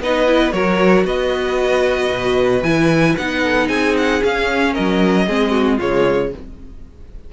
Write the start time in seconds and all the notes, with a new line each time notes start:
0.00 B3 D#4 B4 D#5
0.26 E4
0.52 F#3 F#4 A#4 C#5
1.04 B3 B4 D#5
2.10 B2
2.62 E3 E4 G#5
3.17 B3 D#4 F#5
3.43 A4
3.68 C4 G#4 G#5
3.97 F#5
4.21 C#4 F5
4.73 F#3 A#4 D#5
5.27 G#3 C4 G#4
5.51 F#4
5.77 C#3 G#3 F4 C#5